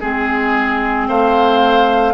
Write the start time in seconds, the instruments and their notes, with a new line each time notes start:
0.00 bassoon G#3, clarinet C4, oboe G#4, flute G#4
1.08 bassoon A3, oboe C5, flute F5